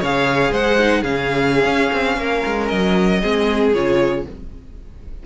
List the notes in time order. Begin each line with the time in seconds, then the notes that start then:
0.00 C#3 G#4 C#5 F5
0.51 G#3 C5 F#5
0.79 D#4
1.01 C#3 C#4 G#4 F5
1.65 C#4
1.93 C4
2.18 A#3 A#4
2.46 G#3
2.68 F#3 D#5
3.21 G#3 C4 G#4
3.74 C#3 F4 C#5